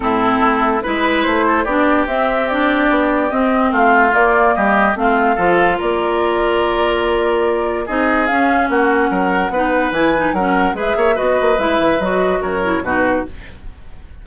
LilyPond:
<<
  \new Staff \with { instrumentName = "flute" } { \time 4/4 \tempo 4 = 145 a'2 b'4 c''4 | d''4 e''4 d''2 | dis''4 f''4 d''4 dis''4 | f''2 d''2~ |
d''2. dis''4 | f''4 fis''2. | gis''4 fis''4 e''4 dis''4 | e''4 dis''4 cis''4 b'4 | }
  \new Staff \with { instrumentName = "oboe" } { \time 4/4 e'2 b'4. a'8 | g'1~ | g'4 f'2 g'4 | f'4 a'4 ais'2~ |
ais'2. gis'4~ | gis'4 fis'4 ais'4 b'4~ | b'4 ais'4 b'8 cis''8 b'4~ | b'2 ais'4 fis'4 | }
  \new Staff \with { instrumentName = "clarinet" } { \time 4/4 c'2 e'2 | d'4 c'4 d'2 | c'2 ais2 | c'4 f'2.~ |
f'2. dis'4 | cis'2. dis'4 | e'8 dis'8 cis'4 gis'4 fis'4 | e'4 fis'4. e'8 dis'4 | }
  \new Staff \with { instrumentName = "bassoon" } { \time 4/4 a,4 a4 gis4 a4 | b4 c'2 b4 | c'4 a4 ais4 g4 | a4 f4 ais2~ |
ais2. c'4 | cis'4 ais4 fis4 b4 | e4 fis4 gis8 ais8 b8 ais8 | gis8 e8 fis4 fis,4 b,4 | }
>>